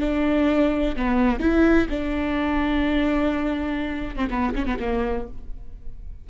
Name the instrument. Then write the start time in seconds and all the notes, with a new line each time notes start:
viola
0.00 D4
0.96 B3
1.40 E4
1.89 D4
4.16 C4
4.30 B3
4.55 C#4
4.66 B3
4.80 A#3